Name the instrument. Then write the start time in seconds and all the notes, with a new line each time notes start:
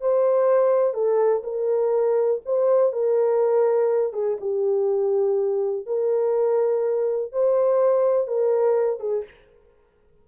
horn
0.00 C5
0.93 A4
1.43 A#4
2.45 C5
2.92 A#4
4.12 G#4
4.40 G4
5.86 A#4
7.32 C5
8.27 A#4
8.99 G#4